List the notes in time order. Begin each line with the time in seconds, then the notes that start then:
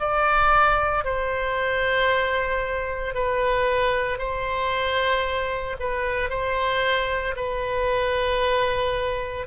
0.00 D5
1.05 C5
3.15 B4
4.19 C5
5.80 B4
6.30 C5
7.36 B4